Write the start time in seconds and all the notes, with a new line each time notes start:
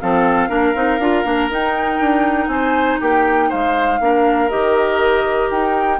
0.00 F3 C4 A4 F5
0.49 A#3 D4 A#4
0.75 C4 D#4
0.99 D4 F4
1.25 A#3 D4
1.50 D#4 G5
2.00 D4
2.47 C4 C5 G#5
3.01 A#3 G4 G5
3.49 G#3 C5 F5
4.00 A#3 D4 A#4
4.49 D#3 G4 D#5
5.50 D#4 G5